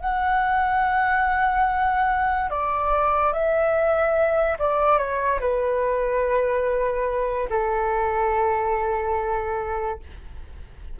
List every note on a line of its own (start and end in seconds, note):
0.00 2.50 F#5
2.50 3.33 D5
3.33 4.58 E5
4.59 4.98 D5
4.98 5.39 C#5
5.40 7.48 B4
7.49 9.99 A4